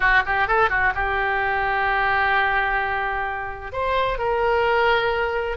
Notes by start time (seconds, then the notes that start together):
0.00 F#4
0.26 G4
0.47 A4
0.69 F#4
0.95 G4
3.72 C5
4.18 A#4